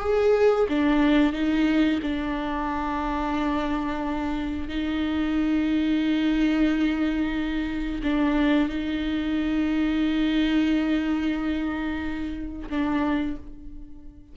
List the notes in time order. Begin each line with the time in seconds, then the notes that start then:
0.00 G#4
0.69 D4
1.33 D#4
2.02 D4
4.68 D#4
8.03 D4
8.69 D#4
12.70 D4